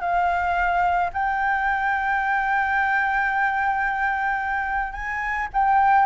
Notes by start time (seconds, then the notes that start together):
0.00 F5
1.13 G5
4.93 G#5
5.53 G5